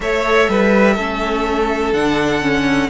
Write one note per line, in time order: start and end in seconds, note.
0.00 0.47 A3
0.00 0.98 A4
0.00 0.49 C#5
0.00 1.93 E5
0.49 0.97 G3
0.49 0.94 B4
0.94 1.92 A3
0.94 1.94 C#4
0.94 2.88 A4
1.92 2.89 D3
1.92 2.41 D4
1.92 2.90 F#5
2.41 2.89 C#4